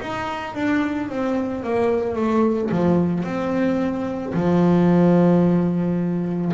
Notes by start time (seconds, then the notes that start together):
0.00 D#4
0.54 D4
1.09 C4
1.63 A#3
2.15 A3
2.71 F3
3.23 C4
4.33 F3